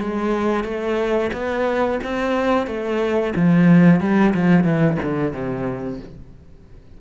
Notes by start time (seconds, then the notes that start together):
0.00 G#3
0.65 A3
1.33 B3
2.04 C4
2.67 A3
3.36 F3
4.01 G3
4.34 F3
4.64 E3
5.03 D3
5.33 C3